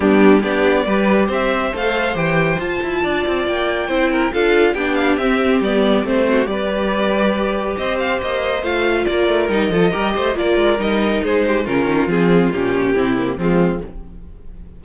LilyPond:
<<
  \new Staff \with { instrumentName = "violin" } { \time 4/4 \tempo 4 = 139 g'4 d''2 e''4 | f''4 g''4 a''2 | g''2 f''4 g''8 f''8 | e''4 d''4 c''4 d''4~ |
d''2 dis''8 f''8 dis''4 | f''4 d''4 dis''2 | d''4 dis''4 c''4 ais'4 | gis'4 g'2 f'4 | }
  \new Staff \with { instrumentName = "violin" } { \time 4/4 d'4 g'4 b'4 c''4~ | c''2. d''4~ | d''4 c''8 ais'8 a'4 g'4~ | g'2~ g'8 fis'8 b'4~ |
b'2 c''2~ | c''4 ais'4. a'8 ais'8 c''8 | ais'2 gis'8 g'8 f'4~ | f'2 e'4 c'4 | }
  \new Staff \with { instrumentName = "viola" } { \time 4/4 b4 d'4 g'2 | a'4 g'4 f'2~ | f'4 e'4 f'4 d'4 | c'4 b4 c'4 g'4~ |
g'1 | f'2 dis'8 f'8 g'4 | f'4 dis'2 cis'4 | c'4 cis'4 c'8 ais8 gis4 | }
  \new Staff \with { instrumentName = "cello" } { \time 4/4 g4 b4 g4 c'4 | a4 e4 f'8 e'8 d'8 c'8 | ais4 c'4 d'4 b4 | c'4 g4 a4 g4~ |
g2 c'4 ais4 | a4 ais8 a8 g8 f8 g8 a8 | ais8 gis8 g4 gis4 cis8 dis8 | f4 ais,4 c4 f4 | }
>>